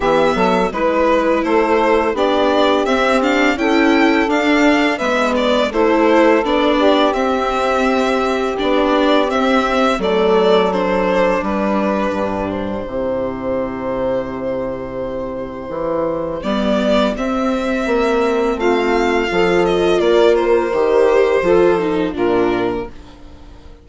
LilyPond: <<
  \new Staff \with { instrumentName = "violin" } { \time 4/4 \tempo 4 = 84 e''4 b'4 c''4 d''4 | e''8 f''8 g''4 f''4 e''8 d''8 | c''4 d''4 e''2 | d''4 e''4 d''4 c''4 |
b'4. c''2~ c''8~ | c''2. d''4 | e''2 f''4. dis''8 | d''8 c''2~ c''8 ais'4 | }
  \new Staff \with { instrumentName = "saxophone" } { \time 4/4 g'8 a'8 b'4 a'4 g'4~ | g'4 a'2 b'4 | a'4. g'2~ g'8~ | g'2 a'2 |
g'1~ | g'1~ | g'2 f'4 a'4 | ais'2 a'4 f'4 | }
  \new Staff \with { instrumentName = "viola" } { \time 4/4 b4 e'2 d'4 | c'8 d'8 e'4 d'4 b4 | e'4 d'4 c'2 | d'4 c'4 a4 d'4~ |
d'2 e'2~ | e'2. b4 | c'2. f'4~ | f'4 g'4 f'8 dis'8 d'4 | }
  \new Staff \with { instrumentName = "bassoon" } { \time 4/4 e8 fis8 gis4 a4 b4 | c'4 cis'4 d'4 gis4 | a4 b4 c'2 | b4 c'4 fis2 |
g4 g,4 c2~ | c2 e4 g4 | c'4 ais4 a4 f4 | ais4 dis4 f4 ais,4 | }
>>